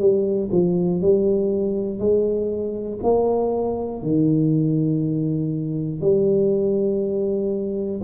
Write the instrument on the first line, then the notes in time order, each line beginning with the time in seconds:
tuba
0.00 G3
0.51 F3
1.01 G3
2.00 G#3
3.03 A#3
4.02 D#3
6.01 G3